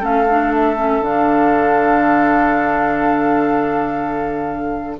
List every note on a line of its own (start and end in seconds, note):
0.00 1.01 A3
0.00 0.26 C#4
0.00 4.96 A4
0.00 0.54 F5
0.30 0.77 D4
0.55 1.04 E5
0.77 1.01 C#4
1.01 4.98 D3
1.01 4.98 D4
1.01 5.00 F5